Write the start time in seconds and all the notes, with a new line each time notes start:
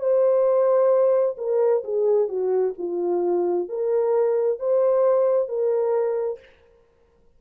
0.00 C5
1.38 A#4
1.84 G#4
2.29 F#4
2.78 F4
3.69 A#4
4.60 C5
5.49 A#4